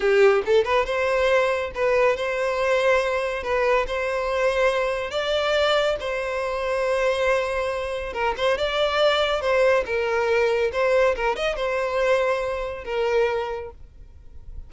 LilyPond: \new Staff \with { instrumentName = "violin" } { \time 4/4 \tempo 4 = 140 g'4 a'8 b'8 c''2 | b'4 c''2. | b'4 c''2. | d''2 c''2~ |
c''2. ais'8 c''8 | d''2 c''4 ais'4~ | ais'4 c''4 ais'8 dis''8 c''4~ | c''2 ais'2 | }